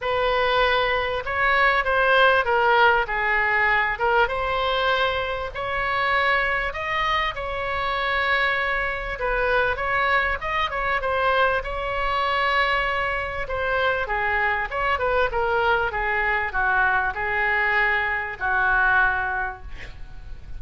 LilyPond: \new Staff \with { instrumentName = "oboe" } { \time 4/4 \tempo 4 = 98 b'2 cis''4 c''4 | ais'4 gis'4. ais'8 c''4~ | c''4 cis''2 dis''4 | cis''2. b'4 |
cis''4 dis''8 cis''8 c''4 cis''4~ | cis''2 c''4 gis'4 | cis''8 b'8 ais'4 gis'4 fis'4 | gis'2 fis'2 | }